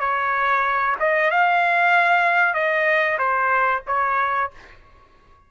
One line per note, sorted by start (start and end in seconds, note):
0.00 0.96 C#5
1.00 1.31 D#5
1.31 2.54 F5
2.54 3.18 D#5
3.18 3.82 C5
3.87 4.51 C#5